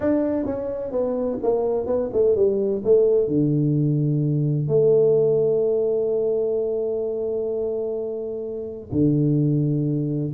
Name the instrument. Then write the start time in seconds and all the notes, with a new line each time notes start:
tuba
0.00 D4
0.45 C#4
0.91 B3
1.42 A#3
1.86 B3
2.12 A3
2.35 G3
2.84 A3
3.27 D3
4.68 A3
8.92 D3